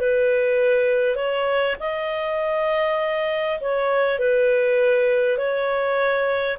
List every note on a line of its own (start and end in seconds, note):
0.00 1.16 B4
1.16 1.76 C#5
1.79 3.59 D#5
3.61 4.19 C#5
4.19 5.37 B4
5.37 6.57 C#5